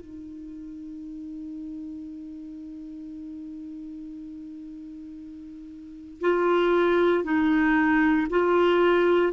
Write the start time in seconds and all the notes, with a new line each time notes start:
0.00 D#4
6.21 F4
7.24 D#4
8.29 F4